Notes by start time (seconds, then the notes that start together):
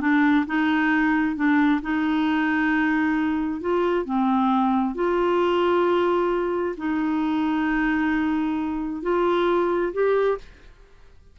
0.00 D4
0.46 D#4
1.35 D4
1.81 D#4
3.60 F4
4.05 C4
4.95 F4
6.77 D#4
9.02 F4
9.93 G4